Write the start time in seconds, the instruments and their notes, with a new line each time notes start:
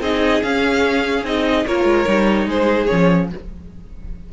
0.00 cello C4, viola D#4, violin G#4 D#5
0.42 cello C#4, viola C#4, violin F5
1.23 cello C4, viola D#4, violin D#5
1.66 cello A#3, viola F4, violin A#4 C#5
1.84 cello G#3
2.06 cello G3, viola D#4
2.46 cello G#3, violin G#4 C5
2.86 cello F3, viola C#4, violin C#5